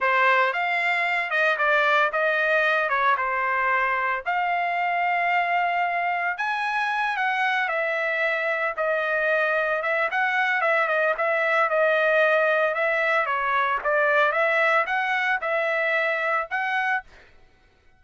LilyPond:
\new Staff \with { instrumentName = "trumpet" } { \time 4/4 \tempo 4 = 113 c''4 f''4. dis''8 d''4 | dis''4. cis''8 c''2 | f''1 | gis''4. fis''4 e''4.~ |
e''8 dis''2 e''8 fis''4 | e''8 dis''8 e''4 dis''2 | e''4 cis''4 d''4 e''4 | fis''4 e''2 fis''4 | }